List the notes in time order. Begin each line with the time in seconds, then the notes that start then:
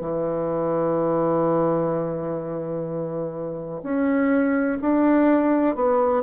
0.00 E3
3.83 C#4
4.81 D4
5.75 B3